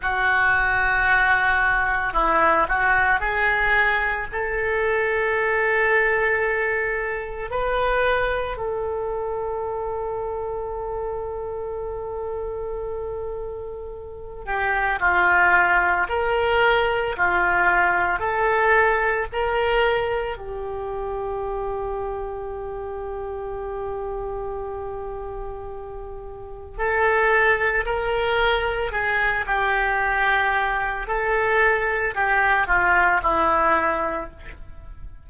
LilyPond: \new Staff \with { instrumentName = "oboe" } { \time 4/4 \tempo 4 = 56 fis'2 e'8 fis'8 gis'4 | a'2. b'4 | a'1~ | a'4. g'8 f'4 ais'4 |
f'4 a'4 ais'4 g'4~ | g'1~ | g'4 a'4 ais'4 gis'8 g'8~ | g'4 a'4 g'8 f'8 e'4 | }